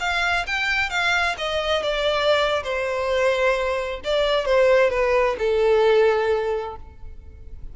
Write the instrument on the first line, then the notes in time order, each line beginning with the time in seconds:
violin
0.00 F5
0.47 G5
0.90 F5
1.38 D#5
1.83 D5
2.63 C5
4.05 D5
4.46 C5
4.90 B4
5.39 A4